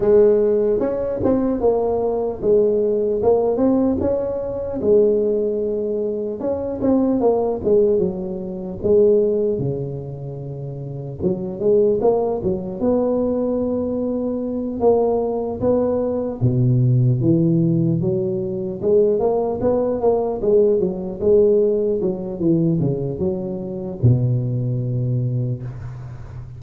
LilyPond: \new Staff \with { instrumentName = "tuba" } { \time 4/4 \tempo 4 = 75 gis4 cis'8 c'8 ais4 gis4 | ais8 c'8 cis'4 gis2 | cis'8 c'8 ais8 gis8 fis4 gis4 | cis2 fis8 gis8 ais8 fis8 |
b2~ b8 ais4 b8~ | b8 b,4 e4 fis4 gis8 | ais8 b8 ais8 gis8 fis8 gis4 fis8 | e8 cis8 fis4 b,2 | }